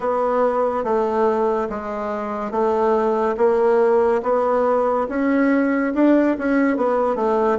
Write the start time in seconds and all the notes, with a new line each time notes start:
0.00 B3
0.84 A3
1.69 G#3
2.51 A3
3.37 A#3
4.23 B3
5.08 C#4
5.94 D4
6.38 C#4
6.76 B3
7.15 A3